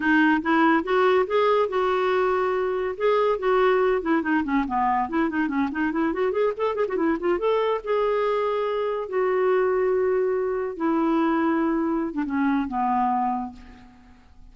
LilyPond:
\new Staff \with { instrumentName = "clarinet" } { \time 4/4 \tempo 4 = 142 dis'4 e'4 fis'4 gis'4 | fis'2. gis'4 | fis'4. e'8 dis'8 cis'8 b4 | e'8 dis'8 cis'8 dis'8 e'8 fis'8 gis'8 a'8 |
gis'16 fis'16 e'8 f'8 a'4 gis'4.~ | gis'4. fis'2~ fis'8~ | fis'4. e'2~ e'8~ | e'8. d'16 cis'4 b2 | }